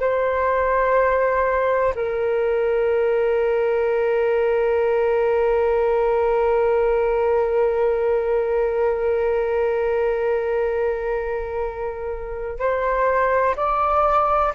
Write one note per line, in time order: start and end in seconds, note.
0.00 1.94 C5
1.94 12.59 A#4
12.59 13.55 C5
13.56 14.52 D5